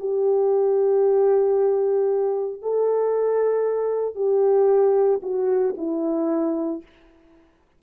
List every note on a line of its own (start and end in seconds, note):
0.00 2.63 G4
2.63 4.16 A4
4.16 5.21 G4
5.23 5.76 F#4
5.78 6.83 E4